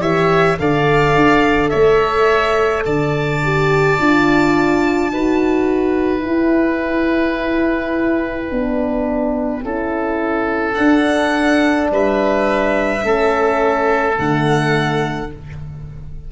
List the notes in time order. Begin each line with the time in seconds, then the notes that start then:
0.00 E3 G4 C#5 E5
0.59 D3 A4 D5 F5
1.15 D4
1.70 A3 C#5 E5
2.85 D3 D5 A5
3.43 G4
3.99 D4 F4
5.12 D#4 F#4 B4
6.20 E4 G5
8.51 B3 D4
9.64 C#4 E4 A4
10.75 D4 F#5
11.91 G3 B4 E5
13.01 A3 C#4 A4
14.15 D3 A3 F#5